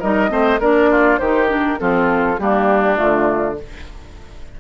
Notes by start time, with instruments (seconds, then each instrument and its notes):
0.00 bassoon G3, clarinet D#4, oboe A#4, flute D#5
0.29 bassoon A3, clarinet C4, oboe C5
0.60 bassoon A#3, clarinet D4, oboe A#4, flute D5
0.91 oboe F4
1.18 bassoon D#3, clarinet D#4, oboe G4, flute C5
1.48 clarinet D4, flute A#4
1.78 bassoon F3, clarinet C4, oboe F4, flute A4
2.39 bassoon G3, clarinet A#3, oboe D4, flute G4
2.95 bassoon D3, clarinet A3, flute F4